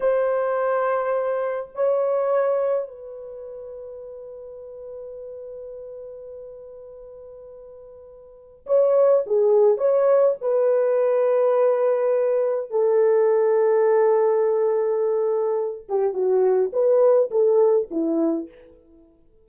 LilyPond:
\new Staff \with { instrumentName = "horn" } { \time 4/4 \tempo 4 = 104 c''2. cis''4~ | cis''4 b'2.~ | b'1~ | b'2. cis''4 |
gis'4 cis''4 b'2~ | b'2 a'2~ | a'2.~ a'8 g'8 | fis'4 b'4 a'4 e'4 | }